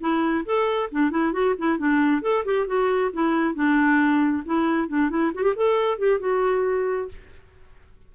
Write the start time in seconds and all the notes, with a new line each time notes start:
0.00 E4
0.45 A4
0.91 D4
1.11 E4
1.32 F#4
1.58 E4
1.78 D4
2.22 A4
2.45 G4
2.67 F#4
3.13 E4
3.55 D4
4.45 E4
4.88 D4
5.09 E4
5.35 F#4
5.43 G4
5.56 A4
5.98 G4
6.20 F#4